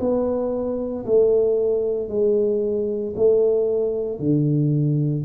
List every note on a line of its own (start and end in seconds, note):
0.00 1.05 B3
1.05 2.09 A3
2.09 3.14 G#3
3.16 4.19 A3
4.19 5.24 D3